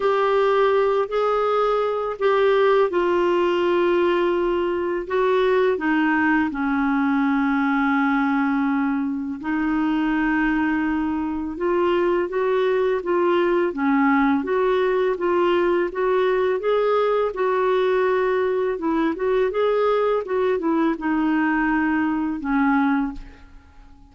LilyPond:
\new Staff \with { instrumentName = "clarinet" } { \time 4/4 \tempo 4 = 83 g'4. gis'4. g'4 | f'2. fis'4 | dis'4 cis'2.~ | cis'4 dis'2. |
f'4 fis'4 f'4 cis'4 | fis'4 f'4 fis'4 gis'4 | fis'2 e'8 fis'8 gis'4 | fis'8 e'8 dis'2 cis'4 | }